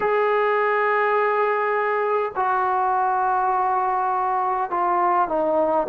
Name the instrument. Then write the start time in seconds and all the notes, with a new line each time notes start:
trombone
0.00 G#4
2.35 F#4
4.70 F4
5.28 D#4